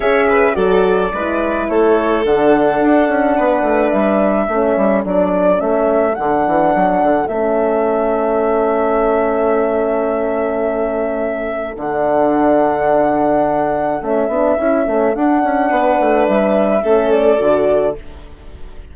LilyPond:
<<
  \new Staff \with { instrumentName = "flute" } { \time 4/4 \tempo 4 = 107 e''4 d''2 cis''4 | fis''2. e''4~ | e''4 d''4 e''4 fis''4~ | fis''4 e''2.~ |
e''1~ | e''4 fis''2.~ | fis''4 e''2 fis''4~ | fis''4 e''4. d''4. | }
  \new Staff \with { instrumentName = "violin" } { \time 4/4 cis''8 b'8 a'4 b'4 a'4~ | a'2 b'2 | a'1~ | a'1~ |
a'1~ | a'1~ | a'1 | b'2 a'2 | }
  \new Staff \with { instrumentName = "horn" } { \time 4/4 gis'4 fis'4 e'2 | d'1 | cis'4 d'4 cis'4 d'4~ | d'4 cis'2.~ |
cis'1~ | cis'4 d'2.~ | d'4 cis'8 d'8 e'8 cis'8 d'4~ | d'2 cis'4 fis'4 | }
  \new Staff \with { instrumentName = "bassoon" } { \time 4/4 cis'4 fis4 gis4 a4 | d4 d'8 cis'8 b8 a8 g4 | a8 g8 fis4 a4 d8 e8 | fis8 d8 a2.~ |
a1~ | a4 d2.~ | d4 a8 b8 cis'8 a8 d'8 cis'8 | b8 a8 g4 a4 d4 | }
>>